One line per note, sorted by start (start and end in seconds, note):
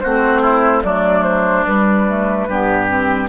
0.00 0.84 A3
0.00 0.84 C4
0.00 0.42 F#4
0.00 0.82 C5
0.42 0.83 E4
0.83 1.66 F#3
0.83 1.67 A3
0.83 2.49 D4
0.83 1.24 D5
1.24 1.65 C5
1.65 2.48 G3
1.65 2.08 G3
1.65 3.30 B4
2.08 2.49 A3
2.48 3.30 G2
2.48 2.88 B3
2.48 3.30 G4
2.88 3.29 C4